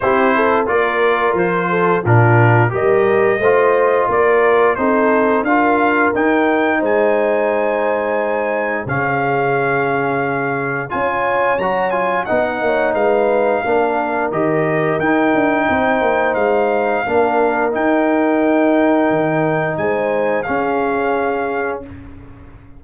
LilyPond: <<
  \new Staff \with { instrumentName = "trumpet" } { \time 4/4 \tempo 4 = 88 c''4 d''4 c''4 ais'4 | dis''2 d''4 c''4 | f''4 g''4 gis''2~ | gis''4 f''2. |
gis''4 ais''8 gis''8 fis''4 f''4~ | f''4 dis''4 g''2 | f''2 g''2~ | g''4 gis''4 f''2 | }
  \new Staff \with { instrumentName = "horn" } { \time 4/4 g'8 a'8 ais'4. a'8 f'4 | ais'4 c''4 ais'4 a'4 | ais'2 c''2~ | c''4 gis'2. |
cis''2 dis''8 cis''8 b'4 | ais'2. c''4~ | c''4 ais'2.~ | ais'4 c''4 gis'2 | }
  \new Staff \with { instrumentName = "trombone" } { \time 4/4 e'4 f'2 d'4 | g'4 f'2 dis'4 | f'4 dis'2.~ | dis'4 cis'2. |
f'4 fis'8 f'8 dis'2 | d'4 g'4 dis'2~ | dis'4 d'4 dis'2~ | dis'2 cis'2 | }
  \new Staff \with { instrumentName = "tuba" } { \time 4/4 c'4 ais4 f4 ais,4 | g4 a4 ais4 c'4 | d'4 dis'4 gis2~ | gis4 cis2. |
cis'4 fis4 b8 ais8 gis4 | ais4 dis4 dis'8 d'8 c'8 ais8 | gis4 ais4 dis'2 | dis4 gis4 cis'2 | }
>>